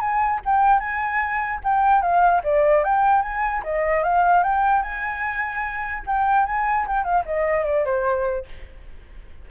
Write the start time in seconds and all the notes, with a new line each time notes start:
0.00 G#5
0.45 G5
0.79 G#5
1.63 G5
2.01 F5
2.44 D5
2.84 G5
3.22 G#5
3.64 D#5
4.03 F5
4.43 G5
4.82 G#5
6.06 G5
6.46 G#5
6.87 G5
7.04 F5
7.25 D#5
7.65 D5
7.85 C5